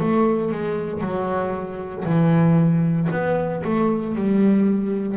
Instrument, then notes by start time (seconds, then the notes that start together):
double bass
0.00 A3
0.51 G#3
1.01 F#3
2.05 E3
3.10 B3
3.63 A3
4.15 G3